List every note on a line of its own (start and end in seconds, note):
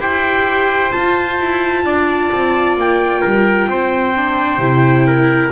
0.00 0.92 E4
0.00 0.91 G4
0.00 1.85 C5
0.00 0.92 G5
0.91 4.14 F4
0.91 1.40 F4
0.91 2.77 A5
1.40 1.85 E4
1.85 2.31 D4
1.85 3.22 D5
2.32 2.77 C4
2.77 3.23 A#3
2.77 5.52 G5
3.22 3.68 G3
3.22 3.68 A#4
3.68 4.59 C4
3.68 5.07 C5
4.17 4.60 D4
4.59 5.51 C3
4.59 5.52 E4
5.07 5.52 A#4